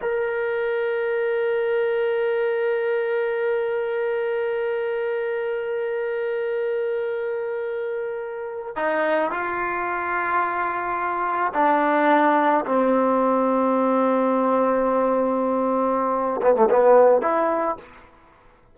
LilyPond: \new Staff \with { instrumentName = "trombone" } { \time 4/4 \tempo 4 = 108 ais'1~ | ais'1~ | ais'1~ | ais'2.~ ais'8. dis'16~ |
dis'8. f'2.~ f'16~ | f'8. d'2 c'4~ c'16~ | c'1~ | c'4. b16 a16 b4 e'4 | }